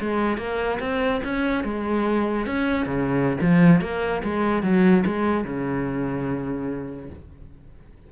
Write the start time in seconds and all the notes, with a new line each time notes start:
0.00 G#3
0.37 A#3
0.80 C4
1.24 C#4
1.63 G#3
2.46 C#4
2.86 C#3
3.41 F3
3.81 A#3
4.23 G#3
4.63 F#3
5.06 G#3
5.44 C#3